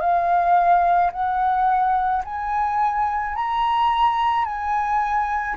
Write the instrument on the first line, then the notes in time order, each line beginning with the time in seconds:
flute
0.00 F5
1.12 F#5
2.25 G#5
3.35 A#5
4.45 G#5